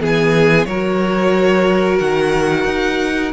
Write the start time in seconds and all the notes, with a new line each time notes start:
0.00 E3 B3 G#4 G#5
0.65 F#3 F#4 A#4 C#5
1.99 D#3 F#5
2.65 D#4